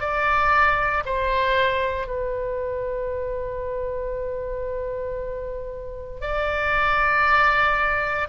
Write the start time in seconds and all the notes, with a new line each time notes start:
0.00 D5
1.05 C5
2.07 B4
6.21 D5